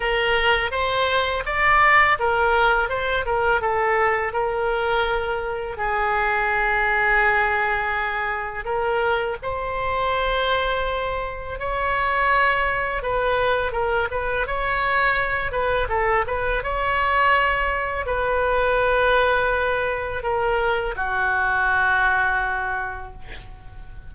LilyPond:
\new Staff \with { instrumentName = "oboe" } { \time 4/4 \tempo 4 = 83 ais'4 c''4 d''4 ais'4 | c''8 ais'8 a'4 ais'2 | gis'1 | ais'4 c''2. |
cis''2 b'4 ais'8 b'8 | cis''4. b'8 a'8 b'8 cis''4~ | cis''4 b'2. | ais'4 fis'2. | }